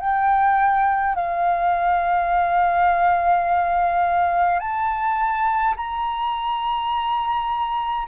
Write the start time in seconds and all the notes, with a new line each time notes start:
0.00 G5
1.15 F5
4.59 A5
5.76 A#5